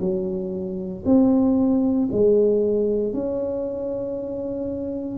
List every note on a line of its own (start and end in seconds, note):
0.00 1.03 F#3
1.05 2.09 C4
2.12 3.14 G#3
3.14 5.18 C#4